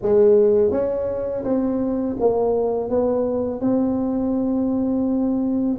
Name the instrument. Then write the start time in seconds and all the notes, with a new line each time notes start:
tuba
0.02 G#3
0.71 C#4
1.44 C4
2.19 A#3
2.89 B3
3.60 C4